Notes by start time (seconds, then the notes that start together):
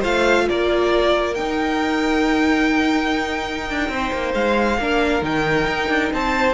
0.00 A3 F4 C5 F5
0.49 A#3 A#4 D5
1.34 D#4 G5
3.70 D4
3.88 C4 C5
4.12 A#3
4.34 G#3 F5
4.78 A#3 D4 A#4
5.22 D#3 D#4 G5
5.67 D#4
5.89 D4
6.12 C4 C5 A5